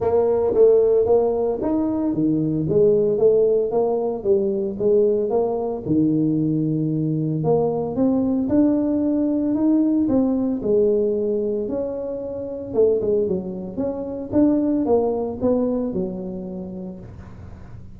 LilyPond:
\new Staff \with { instrumentName = "tuba" } { \time 4/4 \tempo 4 = 113 ais4 a4 ais4 dis'4 | dis4 gis4 a4 ais4 | g4 gis4 ais4 dis4~ | dis2 ais4 c'4 |
d'2 dis'4 c'4 | gis2 cis'2 | a8 gis8 fis4 cis'4 d'4 | ais4 b4 fis2 | }